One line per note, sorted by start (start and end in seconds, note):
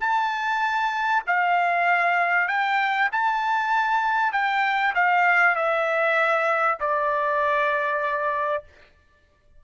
0.00 1.22 A5
1.27 2.48 F5
2.48 3.09 G5
3.12 4.32 A5
4.32 4.93 G5
4.95 5.55 F5
5.55 6.78 E5
6.80 8.64 D5